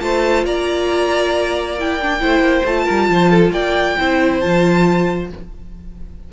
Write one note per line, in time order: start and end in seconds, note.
0.00 0.44 A3
0.00 1.76 F4
0.00 0.46 C5
0.00 0.44 A5
0.44 2.21 A#3
0.44 2.22 D5
0.44 1.78 A#5
1.79 2.01 E4
1.79 2.66 G5
2.01 2.20 D4
2.20 2.39 A3
2.20 2.64 E4
2.20 2.84 C5
2.39 2.61 A#3
2.65 2.87 A3
2.65 3.98 F4
2.65 3.52 A5
2.84 3.09 G3
2.84 3.06 A#4
3.09 3.51 F3
3.09 3.30 C5
3.30 3.52 A4
3.51 3.95 A#3
3.51 3.97 D5
3.51 4.40 G5
3.98 4.43 C4
3.98 4.42 E4
3.98 5.31 C5
4.40 5.32 F3
4.40 5.30 F4
4.40 5.28 A5